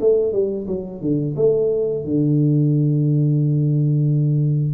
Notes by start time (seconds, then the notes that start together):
0.00 A3
0.32 G3
0.67 F#3
1.01 D3
1.36 A3
2.04 D3